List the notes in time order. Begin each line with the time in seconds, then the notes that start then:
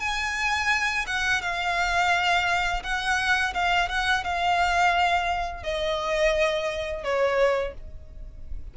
0.00 G#5
1.07 F#5
1.42 F5
2.84 F#5
3.55 F5
3.89 F#5
4.25 F5
5.64 D#5
7.04 C#5